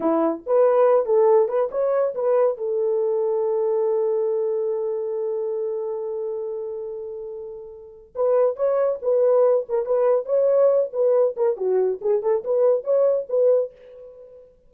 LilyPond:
\new Staff \with { instrumentName = "horn" } { \time 4/4 \tempo 4 = 140 e'4 b'4. a'4 b'8 | cis''4 b'4 a'2~ | a'1~ | a'1~ |
a'2. b'4 | cis''4 b'4. ais'8 b'4 | cis''4. b'4 ais'8 fis'4 | gis'8 a'8 b'4 cis''4 b'4 | }